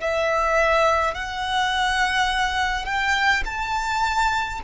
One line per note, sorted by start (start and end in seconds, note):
0.00 1.14 E5
1.14 2.85 F#5
2.85 3.42 G5
3.45 4.60 A5